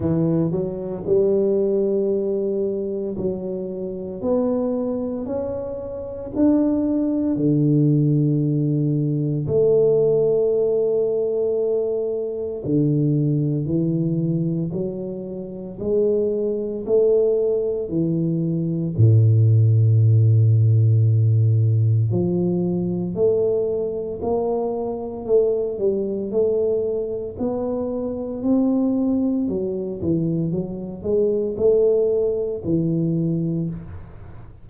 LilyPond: \new Staff \with { instrumentName = "tuba" } { \time 4/4 \tempo 4 = 57 e8 fis8 g2 fis4 | b4 cis'4 d'4 d4~ | d4 a2. | d4 e4 fis4 gis4 |
a4 e4 a,2~ | a,4 f4 a4 ais4 | a8 g8 a4 b4 c'4 | fis8 e8 fis8 gis8 a4 e4 | }